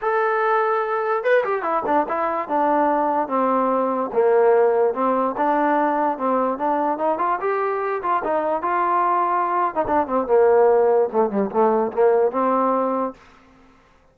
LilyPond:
\new Staff \with { instrumentName = "trombone" } { \time 4/4 \tempo 4 = 146 a'2. b'8 g'8 | e'8 d'8 e'4 d'2 | c'2 ais2 | c'4 d'2 c'4 |
d'4 dis'8 f'8 g'4. f'8 | dis'4 f'2~ f'8. dis'16 | d'8 c'8 ais2 a8 g8 | a4 ais4 c'2 | }